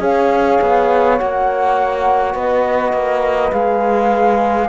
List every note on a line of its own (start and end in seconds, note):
0.00 0.59 C#4
0.00 1.18 G#4
0.00 2.35 C#5
0.00 1.18 F5
0.62 1.20 B3
1.18 2.35 A#3
1.18 3.53 F#4
1.18 2.36 F#5
2.35 2.93 B3
2.35 4.70 B4
2.35 3.53 D#5
2.93 3.52 A#3
3.53 4.70 G#3
3.53 4.70 G#4
3.53 4.70 F5